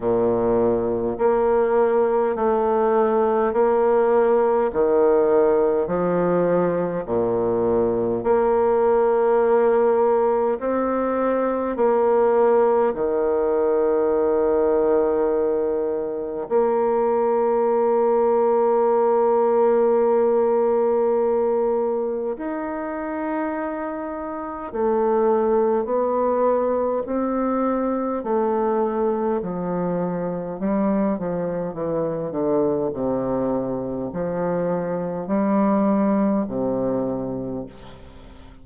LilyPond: \new Staff \with { instrumentName = "bassoon" } { \time 4/4 \tempo 4 = 51 ais,4 ais4 a4 ais4 | dis4 f4 ais,4 ais4~ | ais4 c'4 ais4 dis4~ | dis2 ais2~ |
ais2. dis'4~ | dis'4 a4 b4 c'4 | a4 f4 g8 f8 e8 d8 | c4 f4 g4 c4 | }